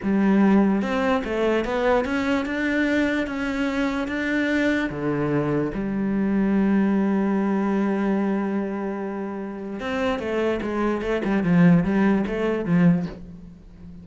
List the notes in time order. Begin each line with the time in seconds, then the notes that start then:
0.02 G3
0.81 C4
1.24 A3
1.64 B3
2.05 C#4
2.45 D4
3.26 C#4
4.07 D4
4.90 D3
5.74 G3
9.80 C4
10.19 A3
10.61 G#3
11.01 A3
11.24 G3
11.43 F3
11.84 G3
12.27 A3
12.65 F3